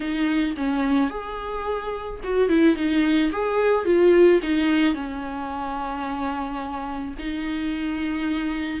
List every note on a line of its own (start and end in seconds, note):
0.00 0.55 D#4
0.57 1.10 C#4
1.10 2.20 G#4
2.23 2.48 F#4
2.48 2.75 E4
2.75 3.31 D#4
3.32 3.85 G#4
3.85 4.40 F4
4.42 4.94 D#4
4.94 7.14 C#4
7.18 8.80 D#4